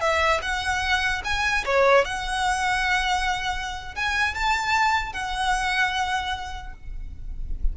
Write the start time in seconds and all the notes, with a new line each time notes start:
0.00 E5
0.42 F#5
1.24 G#5
1.65 C#5
2.05 F#5
3.95 G#5
4.34 A5
5.13 F#5